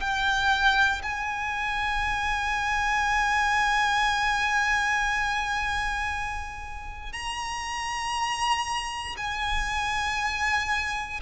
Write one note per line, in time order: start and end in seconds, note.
0.00 1.02 G5
1.02 7.12 G#5
7.12 9.16 A#5
9.17 11.20 G#5